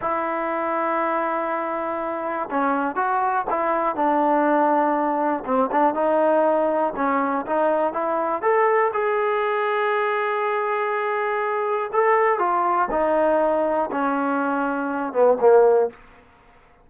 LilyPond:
\new Staff \with { instrumentName = "trombone" } { \time 4/4 \tempo 4 = 121 e'1~ | e'4 cis'4 fis'4 e'4 | d'2. c'8 d'8 | dis'2 cis'4 dis'4 |
e'4 a'4 gis'2~ | gis'1 | a'4 f'4 dis'2 | cis'2~ cis'8 b8 ais4 | }